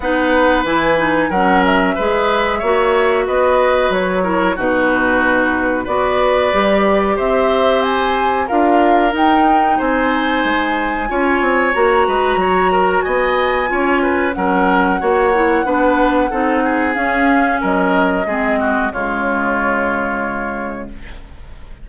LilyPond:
<<
  \new Staff \with { instrumentName = "flute" } { \time 4/4 \tempo 4 = 92 fis''4 gis''4 fis''8 e''4.~ | e''4 dis''4 cis''4 b'4~ | b'4 d''2 e''4 | gis''4 f''4 g''4 gis''4~ |
gis''2 ais''2 | gis''2 fis''2~ | fis''2 f''4 dis''4~ | dis''4 cis''2. | }
  \new Staff \with { instrumentName = "oboe" } { \time 4/4 b'2 ais'4 b'4 | cis''4 b'4. ais'8 fis'4~ | fis'4 b'2 c''4~ | c''4 ais'2 c''4~ |
c''4 cis''4. b'8 cis''8 ais'8 | dis''4 cis''8 b'8 ais'4 cis''4 | b'4 a'8 gis'4. ais'4 | gis'8 fis'8 f'2. | }
  \new Staff \with { instrumentName = "clarinet" } { \time 4/4 dis'4 e'8 dis'8 cis'4 gis'4 | fis'2~ fis'8 e'8 dis'4~ | dis'4 fis'4 g'2~ | g'4 f'4 dis'2~ |
dis'4 f'4 fis'2~ | fis'4 f'4 cis'4 fis'8 e'8 | d'4 dis'4 cis'2 | c'4 gis2. | }
  \new Staff \with { instrumentName = "bassoon" } { \time 4/4 b4 e4 fis4 gis4 | ais4 b4 fis4 b,4~ | b,4 b4 g4 c'4~ | c'4 d'4 dis'4 c'4 |
gis4 cis'8 c'8 ais8 gis8 fis4 | b4 cis'4 fis4 ais4 | b4 c'4 cis'4 fis4 | gis4 cis2. | }
>>